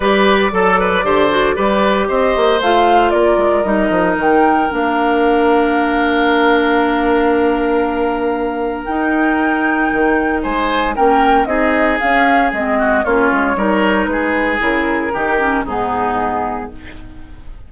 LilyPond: <<
  \new Staff \with { instrumentName = "flute" } { \time 4/4 \tempo 4 = 115 d''1 | dis''4 f''4 d''4 dis''4 | g''4 f''2.~ | f''1~ |
f''4 g''2. | gis''4 g''4 dis''4 f''4 | dis''4 cis''2 b'4 | ais'2 gis'2 | }
  \new Staff \with { instrumentName = "oboe" } { \time 4/4 b'4 a'8 b'8 c''4 b'4 | c''2 ais'2~ | ais'1~ | ais'1~ |
ais'1 | c''4 ais'4 gis'2~ | gis'8 fis'8 f'4 ais'4 gis'4~ | gis'4 g'4 dis'2 | }
  \new Staff \with { instrumentName = "clarinet" } { \time 4/4 g'4 a'4 g'8 fis'8 g'4~ | g'4 f'2 dis'4~ | dis'4 d'2.~ | d'1~ |
d'4 dis'2.~ | dis'4 cis'4 dis'4 cis'4 | c'4 cis'4 dis'2 | e'4 dis'8 cis'8 b2 | }
  \new Staff \with { instrumentName = "bassoon" } { \time 4/4 g4 fis4 d4 g4 | c'8 ais8 a4 ais8 gis8 g8 f8 | dis4 ais2.~ | ais1~ |
ais4 dis'2 dis4 | gis4 ais4 c'4 cis'4 | gis4 ais8 gis8 g4 gis4 | cis4 dis4 gis,2 | }
>>